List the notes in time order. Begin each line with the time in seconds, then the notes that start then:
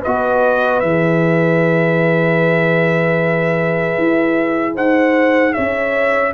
0.00 F#4 B4 D#5
0.07 B3
0.80 E3 G#4 E5
3.98 E4
4.75 D#4 C5 F#5
5.53 C#4 C#5 E5